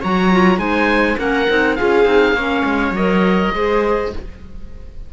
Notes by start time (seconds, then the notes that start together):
0.00 F#3 F#4 C#5 A#5
0.32 F4
0.57 G#3 D#4 C5 G#5
1.17 A#3 C#4 A#4 F#5
1.48 C4 D#4
1.75 F4 G#4 F5
1.81 C#4
2.04 C4 D#4
2.33 A#3 C#4 C#5
2.64 G#3
2.91 F#3 A#4 D#5
3.54 G#3 G#4 C5